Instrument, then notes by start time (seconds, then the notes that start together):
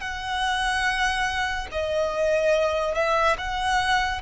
violin
0.00 F#5
1.71 D#5
2.94 E5
3.37 F#5